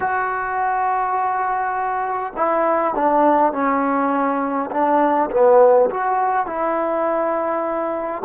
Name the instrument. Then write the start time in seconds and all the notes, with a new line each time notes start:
trombone
0.00 F#4
2.36 E4
2.94 D4
3.52 C#4
4.71 D4
5.30 B3
5.90 F#4
6.46 E4